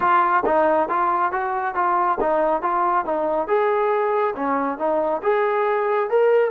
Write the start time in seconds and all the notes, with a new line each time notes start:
0.00 F4
0.45 D#4
0.89 F4
1.32 F#4
1.74 F4
2.20 D#4
2.62 F4
3.05 D#4
3.47 G#4
4.35 C#4
4.78 D#4
5.23 G#4
6.10 A#4